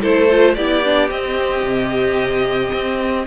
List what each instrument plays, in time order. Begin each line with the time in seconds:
0.00 cello A3, viola E4, violin A4 C5
0.30 viola F4
0.55 cello B3, viola E4, violin G4 D5
0.84 viola D4
1.09 viola C4, cello C4, violin D#5
1.63 cello C3
2.73 cello C4